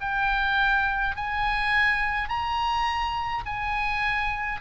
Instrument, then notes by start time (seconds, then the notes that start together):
oboe
0.00 G5
1.16 G#5
2.28 A#5
3.45 G#5